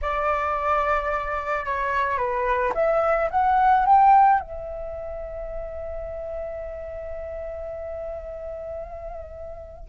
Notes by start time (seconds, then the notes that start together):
0.01 D5
1.65 C#5
2.17 B4
2.74 E5
3.30 F#5
3.85 G5
4.40 E5